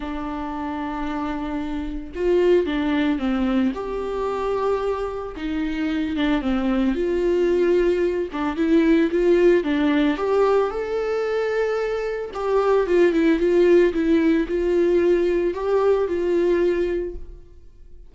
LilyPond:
\new Staff \with { instrumentName = "viola" } { \time 4/4 \tempo 4 = 112 d'1 | f'4 d'4 c'4 g'4~ | g'2 dis'4. d'8 | c'4 f'2~ f'8 d'8 |
e'4 f'4 d'4 g'4 | a'2. g'4 | f'8 e'8 f'4 e'4 f'4~ | f'4 g'4 f'2 | }